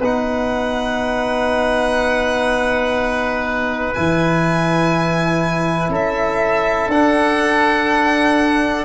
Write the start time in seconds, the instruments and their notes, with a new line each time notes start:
0.00 tuba B3, trombone D#4, oboe B4, violin F#5
3.93 tuba E3, trombone E4, violin G#5
5.89 tuba C#4, oboe A4
5.95 violin E5
6.88 tuba D4, trombone D4, violin F#5